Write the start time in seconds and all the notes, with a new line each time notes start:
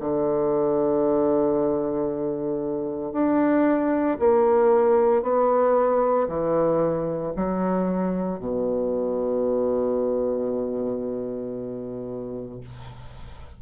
0.00 D3
3.12 D4
4.19 A#3
5.22 B3
6.28 E3
7.36 F#3
8.39 B2